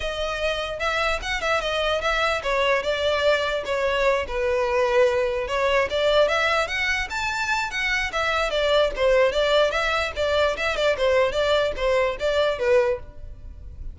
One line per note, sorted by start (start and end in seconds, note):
0.00 0.79 D#5
0.79 1.19 E5
1.22 1.41 F#5
1.41 1.60 E5
1.60 2.01 D#5
2.01 2.41 E5
2.42 2.82 C#5
2.82 3.63 D5
3.65 4.25 C#5
4.27 5.47 B4
5.47 5.88 C#5
5.90 6.28 D5
6.28 6.67 E5
6.67 7.08 F#5
7.10 7.70 A5
7.70 8.11 F#5
8.12 8.50 E5
8.50 8.91 D5
8.96 9.32 C5
9.32 9.71 D5
9.71 10.11 E5
10.16 10.56 D5
10.57 10.76 E5
10.76 10.96 D5
10.97 11.32 C5
11.32 11.72 D5
11.76 12.17 C5
12.19 12.58 D5
12.58 12.99 B4